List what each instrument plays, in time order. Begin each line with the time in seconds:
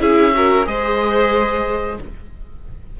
0.00 cello C#4, viola E4, violin G#4, oboe E5
0.34 viola F#4, violin A#4
0.65 cello G#3, viola G#4, violin C5, oboe D#5